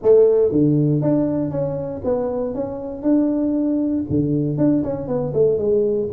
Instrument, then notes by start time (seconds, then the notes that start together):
tuba
0.02 A3
0.51 D3
1.01 D4
1.50 C#4
2.04 B3
2.54 C#4
3.02 D4
4.09 D3
4.57 D4
4.83 C#4
5.07 B3
5.33 A3
5.57 G#3